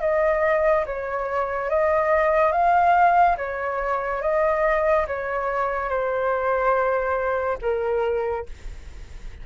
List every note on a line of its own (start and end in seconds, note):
0.00 0.85 D#5
0.86 1.69 C#5
1.69 2.52 D#5
2.52 3.36 F5
3.37 4.21 C#5
4.21 5.06 D#5
5.07 5.89 C#5
5.89 7.58 C5
7.61 8.46 A#4